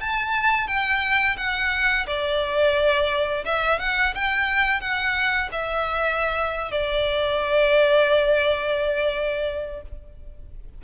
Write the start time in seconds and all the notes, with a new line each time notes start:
0.00 A5
0.67 G5
1.37 F#5
2.06 D5
3.45 E5
3.79 F#5
4.14 G5
4.80 F#5
5.51 E5
6.71 D5